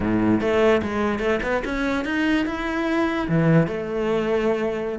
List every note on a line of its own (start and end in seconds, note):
0.00 0.40 A2
0.41 0.81 A3
0.82 1.19 G#3
1.19 1.39 A3
1.42 1.63 B3
1.64 2.05 C#4
2.05 2.45 D#4
2.46 3.27 E4
3.28 3.67 E3
3.67 4.98 A3